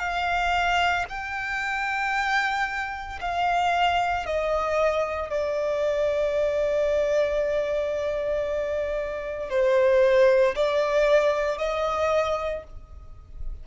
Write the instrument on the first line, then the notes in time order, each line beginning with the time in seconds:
violin
0.00 F5
1.09 G5
3.21 F5
4.26 D#5
5.30 D5
9.50 C5
10.56 D5
11.58 D#5